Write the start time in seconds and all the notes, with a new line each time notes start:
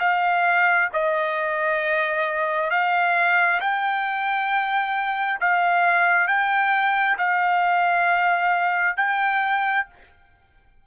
0.00 F5
0.93 D#5
2.71 F5
3.61 G5
5.41 F5
6.28 G5
7.18 F5
8.97 G5